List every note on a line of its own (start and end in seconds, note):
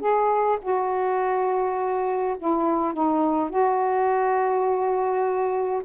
0.00 0.58 G#4
0.62 2.36 F#4
2.38 2.93 E4
2.93 3.50 D#4
3.50 5.83 F#4